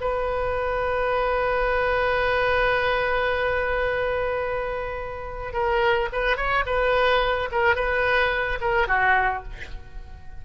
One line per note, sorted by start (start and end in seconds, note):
0.00 5.53 B4
5.53 6.09 A#4
6.12 6.37 B4
6.37 6.64 C#5
6.66 7.49 B4
7.51 7.76 A#4
7.76 8.59 B4
8.61 8.87 A#4
8.87 9.43 F#4